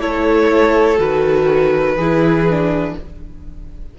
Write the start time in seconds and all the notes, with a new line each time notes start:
0.00 A3 E4 A4 C#5
0.97 D#3 F#4 B4
1.96 E3 E4 G#4
2.50 D4